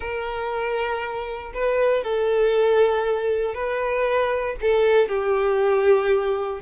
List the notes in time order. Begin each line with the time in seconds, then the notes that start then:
0.00 A#4
1.54 B4
2.03 A4
3.54 B4
4.61 A4
5.08 G4